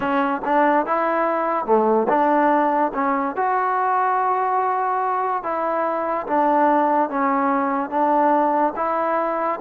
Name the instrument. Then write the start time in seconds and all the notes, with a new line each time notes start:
trombone
0.00 C#4
0.44 D4
0.86 E4
1.65 A3
2.08 D4
2.94 C#4
3.36 F#4
5.43 E4
6.26 D4
7.09 C#4
7.89 D4
8.76 E4